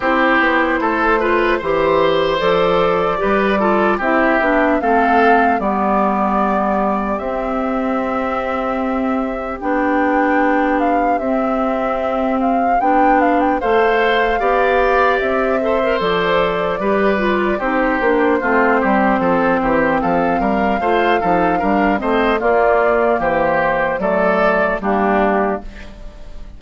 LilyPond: <<
  \new Staff \with { instrumentName = "flute" } { \time 4/4 \tempo 4 = 75 c''2. d''4~ | d''4 e''4 f''4 d''4~ | d''4 e''2. | g''4. f''8 e''4. f''8 |
g''8 f''16 g''16 f''2 e''4 | d''2 c''2~ | c''4 f''2~ f''8 dis''8 | d''4 c''4 d''4 g'4 | }
  \new Staff \with { instrumentName = "oboe" } { \time 4/4 g'4 a'8 b'8 c''2 | b'8 a'8 g'4 a'4 g'4~ | g'1~ | g'1~ |
g'4 c''4 d''4. c''8~ | c''4 b'4 g'4 f'8 g'8 | a'8 g'8 a'8 ais'8 c''8 a'8 ais'8 c''8 | f'4 g'4 a'4 d'4 | }
  \new Staff \with { instrumentName = "clarinet" } { \time 4/4 e'4. f'8 g'4 a'4 | g'8 f'8 e'8 d'8 c'4 b4~ | b4 c'2. | d'2 c'2 |
d'4 a'4 g'4. a'16 ais'16 | a'4 g'8 f'8 dis'8 d'8 c'4~ | c'2 f'8 dis'8 d'8 c'8 | ais2 a4 ais4 | }
  \new Staff \with { instrumentName = "bassoon" } { \time 4/4 c'8 b8 a4 e4 f4 | g4 c'8 b8 a4 g4~ | g4 c'2. | b2 c'2 |
b4 a4 b4 c'4 | f4 g4 c'8 ais8 a8 g8 | f8 e8 f8 g8 a8 f8 g8 a8 | ais4 e4 fis4 g4 | }
>>